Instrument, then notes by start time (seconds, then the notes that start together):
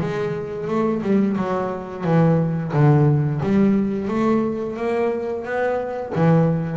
double bass
0.00 G#3
0.67 A3
1.02 G3
1.36 F#3
2.04 E3
2.72 D3
3.42 G3
4.08 A3
4.76 A#3
5.45 B3
6.15 E3